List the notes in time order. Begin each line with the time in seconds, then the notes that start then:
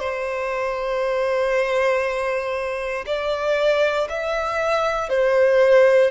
0.00 C5
3.07 D5
4.10 E5
5.10 C5